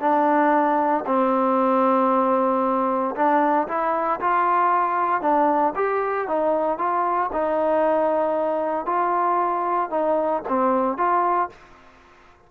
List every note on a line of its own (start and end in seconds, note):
0.00 1.04 D4
1.06 3.15 C4
3.15 3.67 D4
3.67 4.20 E4
4.20 5.21 F4
5.21 5.73 D4
5.75 6.27 G4
6.27 6.78 D#4
6.78 7.30 F4
7.32 8.85 D#4
8.85 9.90 F4
9.90 10.42 D#4
10.48 10.97 C4
10.97 11.49 F4